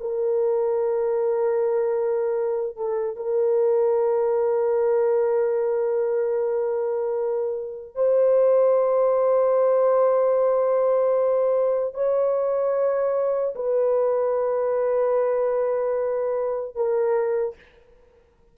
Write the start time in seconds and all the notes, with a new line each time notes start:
0.00 A#4
2.77 A4
3.16 A#4
7.95 C5
11.94 C#5
13.55 B4
16.75 A#4